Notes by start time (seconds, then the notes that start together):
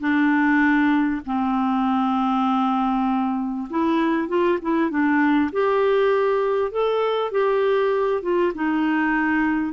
0.00 D4
1.26 C4
3.70 E4
4.28 F4
4.61 E4
4.90 D4
5.52 G4
6.71 A4
7.31 G4
8.22 F4
8.55 D#4